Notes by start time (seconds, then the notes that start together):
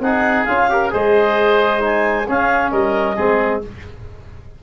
0.00 C4 D#4 G#4 F#5
0.45 C#4 F4 F5
0.69 G4 A#4
0.90 G#3 G#4 C5 D#5
1.80 D#4 G#5
2.28 C#4 G#4 F5
2.71 G3 A#4 D#5
3.16 G#3 C4 G#4